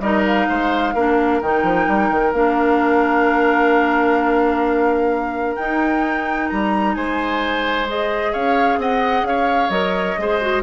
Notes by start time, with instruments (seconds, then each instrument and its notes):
0.00 bassoon G3, clarinet D#4, oboe A#4, flute D#5
0.26 flute F5
0.48 bassoon G#3, oboe C5
0.94 bassoon A#3, clarinet D4, oboe A#4
1.41 bassoon D#3, clarinet D#4, flute G5
1.63 bassoon F3
1.87 bassoon G3
2.10 bassoon D#3
2.32 bassoon A#3, clarinet D4, flute F5
5.56 clarinet D#4, bassoon D#4, flute G5
6.49 bassoon G3, flute A#5
6.94 bassoon G#3, oboe C5, flute G#5
7.86 clarinet G#4, flute D#5
8.32 bassoon C#4, oboe C#5, flute F5
8.77 bassoon C4, oboe D#5, flute F#5
9.23 bassoon C#4, oboe C#5, flute F5
9.69 bassoon F#3, clarinet A#4, flute D#5
10.18 bassoon G#3, clarinet G#4, oboe C5
10.41 clarinet F#4